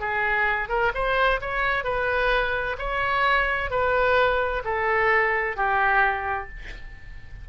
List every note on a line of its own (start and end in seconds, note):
0.00 0.69 G#4
0.69 0.92 A#4
0.94 1.41 C5
1.41 1.84 C#5
1.84 2.77 B4
2.79 3.70 C#5
3.70 4.63 B4
4.64 5.57 A4
5.57 6.49 G4